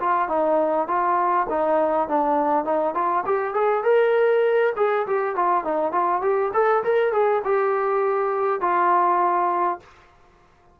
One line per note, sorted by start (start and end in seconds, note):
0.00 0.29 F4
0.29 0.88 D#4
0.88 1.47 F4
1.50 2.09 D#4
2.09 2.65 D4
2.65 2.95 D#4
2.95 3.24 F4
3.26 3.54 G4
3.54 3.84 G#4
3.84 4.73 A#4
4.77 5.07 G#4
5.07 5.36 G4
5.36 5.65 F4
5.65 5.92 D#4
5.92 6.22 F4
6.22 6.52 G4
6.54 6.83 A4
6.84 7.13 A#4
7.13 7.43 G#4
7.44 8.61 G4
8.61 9.80 F4